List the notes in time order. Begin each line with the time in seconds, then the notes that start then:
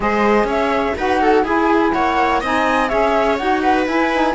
0.00 G#3 G#4 C5 D#5
0.44 C#4 C#5 E5
0.97 D#4 F#4 B4 F#5
1.21 A4
1.43 E4 G#4 G#5
1.92 A#3 C#5 F#5
2.40 C4 D#4 D#5 G#5
2.88 C#4 G#4 C#5 E5
3.37 D#4 F#4 F#5
3.62 B4
3.86 E4 G#5
4.13 D#4